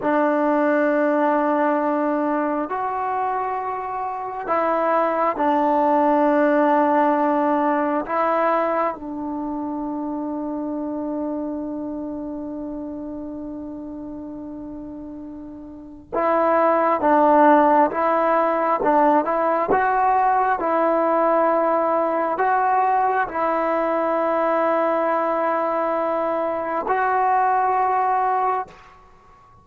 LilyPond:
\new Staff \with { instrumentName = "trombone" } { \time 4/4 \tempo 4 = 67 d'2. fis'4~ | fis'4 e'4 d'2~ | d'4 e'4 d'2~ | d'1~ |
d'2 e'4 d'4 | e'4 d'8 e'8 fis'4 e'4~ | e'4 fis'4 e'2~ | e'2 fis'2 | }